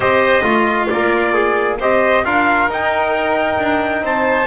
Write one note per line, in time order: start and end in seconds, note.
0.00 0.41 C4
0.00 0.42 G4
0.00 0.43 C5
0.00 0.88 D#5
0.43 0.87 A3
0.43 0.87 F4
0.43 1.77 F4
0.89 1.79 A#3
0.89 1.33 A#4
0.89 1.78 D5
1.33 1.78 G#4
1.79 2.24 C4
1.79 2.25 G4
1.79 2.24 C5
1.79 2.24 D#5
2.24 2.68 D4
2.24 2.70 F4
2.24 4.03 A#4
2.24 2.69 F5
2.68 3.58 D#4
2.68 4.46 D#4
2.68 4.05 G5
3.58 4.01 D4
4.01 4.46 C4
4.01 4.46 C5
4.01 4.46 A5